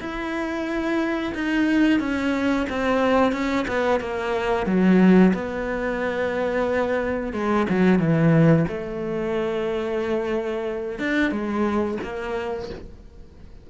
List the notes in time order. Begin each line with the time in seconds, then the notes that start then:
0.00 E4
1.35 D#4
2.00 C#4
2.69 C4
3.32 C#4
3.68 B3
4.00 A#3
4.66 F#3
5.34 B3
7.33 G#3
7.69 F#3
7.99 E3
8.68 A3
10.99 D4
11.31 G#3
12.03 A#3